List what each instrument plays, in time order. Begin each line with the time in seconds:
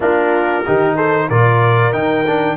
0.00 tuba A#3, trombone D4, horn F4, trumpet A#4
0.66 tuba D#3, trombone D#4, horn G4
0.96 horn A4, trumpet C5
1.28 tuba A#2, trombone F4, horn A#4, trumpet D5
1.92 tuba D#3, trombone D#4, trumpet G5
2.26 trombone D4